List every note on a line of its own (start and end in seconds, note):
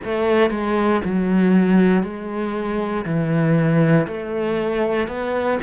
0.04 0.50 A3
0.50 1.01 G#3
1.04 2.03 F#3
2.03 3.05 G#3
3.05 4.06 E3
4.07 5.07 A3
5.07 5.58 B3